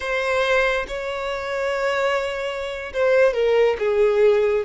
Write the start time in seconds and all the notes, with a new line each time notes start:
0.00 C5
0.87 C#5
2.93 C5
3.33 A#4
3.79 G#4